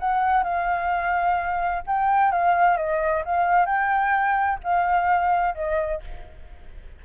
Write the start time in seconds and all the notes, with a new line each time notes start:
0.00 F#5
0.44 F5
1.87 G5
2.32 F5
2.77 D#5
3.25 F5
3.66 G5
4.63 F5
5.55 D#5